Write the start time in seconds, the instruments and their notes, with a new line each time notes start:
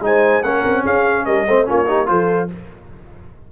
0.00 tuba G#3, trombone D#4, horn C5, trumpet G#5
0.42 tuba A#3, trombone C#4, horn A#4, trumpet F#5
0.65 tuba C4
0.82 tuba C#4, horn G#4, trumpet F5
1.25 tuba G3, horn A#4, trumpet D#5
1.47 tuba A3, trombone C4, horn C5
1.65 tuba A#3, trombone C#4, horn F4, trumpet C#5
1.86 trombone D#4, horn G4
2.06 tuba F3, trombone F4, horn A4, trumpet C5